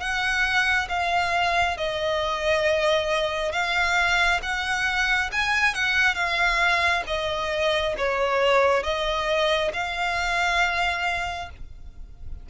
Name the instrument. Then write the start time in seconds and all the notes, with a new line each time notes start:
violin
0.00 F#5
0.89 F5
1.77 D#5
3.52 F5
4.42 F#5
5.32 G#5
5.74 F#5
6.15 F5
7.07 D#5
7.98 C#5
8.83 D#5
9.73 F5